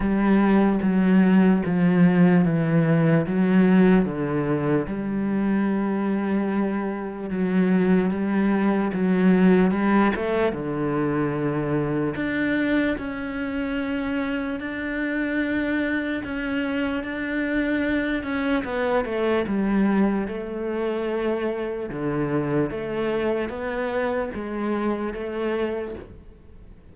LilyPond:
\new Staff \with { instrumentName = "cello" } { \time 4/4 \tempo 4 = 74 g4 fis4 f4 e4 | fis4 d4 g2~ | g4 fis4 g4 fis4 | g8 a8 d2 d'4 |
cis'2 d'2 | cis'4 d'4. cis'8 b8 a8 | g4 a2 d4 | a4 b4 gis4 a4 | }